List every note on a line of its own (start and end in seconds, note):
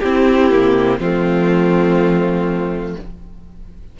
0.00 0.53 C4
0.00 0.51 C4
0.00 1.00 E4
0.00 0.98 G4
0.51 0.99 C3
0.51 1.00 A#3
0.99 2.96 F3
0.99 3.00 A3
0.99 2.96 C4
0.99 2.98 F4